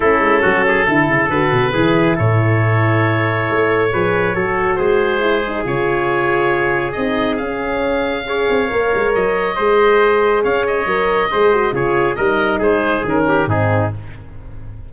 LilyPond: <<
  \new Staff \with { instrumentName = "oboe" } { \time 4/4 \tempo 4 = 138 a'2. b'4~ | b'4 cis''2.~ | cis''2. c''4~ | c''4 cis''2. |
dis''4 f''2.~ | f''4 dis''2. | f''8 dis''2~ dis''8 cis''4 | dis''4 c''4 ais'4 gis'4 | }
  \new Staff \with { instrumentName = "trumpet" } { \time 4/4 e'4 fis'8 gis'8 a'2 | gis'4 a'2.~ | a'4 b'4 a'4 gis'4~ | gis'1~ |
gis'2. cis''4~ | cis''2 c''2 | cis''2 c''4 gis'4 | ais'4 gis'4. g'8 dis'4 | }
  \new Staff \with { instrumentName = "horn" } { \time 4/4 cis'2 e'4 fis'4 | e'1~ | e'4 gis'4 fis'2 | e'8 dis'8 f'2. |
dis'4 cis'2 gis'4 | ais'2 gis'2~ | gis'4 ais'4 gis'8 fis'8 f'4 | dis'2 cis'4 c'4 | }
  \new Staff \with { instrumentName = "tuba" } { \time 4/4 a8 gis8 fis4 d8 cis8 d8 b,8 | e4 a,2. | a4 f4 fis4 gis4~ | gis4 cis2. |
c'4 cis'2~ cis'8 c'8 | ais8 gis8 fis4 gis2 | cis'4 fis4 gis4 cis4 | g4 gis4 dis4 gis,4 | }
>>